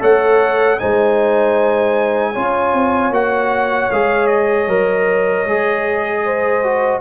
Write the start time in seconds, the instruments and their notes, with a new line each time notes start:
0.00 tuba A3, trombone A4, horn C#5, trumpet F#5
0.79 tuba G#3, trombone D#4, horn C5, trumpet G#5
2.33 tuba C#4, trombone F4, horn C#5
2.74 tuba C4
3.11 tuba A#3, trombone F#4, trumpet F#5
3.91 tuba G#3, trombone G#4, trumpet F5
4.27 trumpet D#5
4.68 tuba F#3, trombone A#4
5.45 tuba G#3, trombone G#4
6.25 horn C5
6.63 trombone F#4